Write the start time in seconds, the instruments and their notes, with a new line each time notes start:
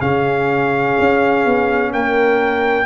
0.00 tuba C#3, trombone C#4, horn G#4, trumpet F5
0.99 tuba C#4
1.45 tuba B3
1.92 tuba A#3, horn A#4, trumpet G5